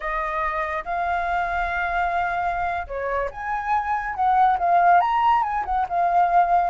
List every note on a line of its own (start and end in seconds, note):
0.00 0.83 D#5
0.84 2.86 F5
2.87 3.29 C#5
3.31 4.15 G#5
4.15 4.57 F#5
4.58 5.00 F5
5.00 5.43 A#5
5.43 5.64 G#5
5.65 5.86 F#5
5.88 6.70 F5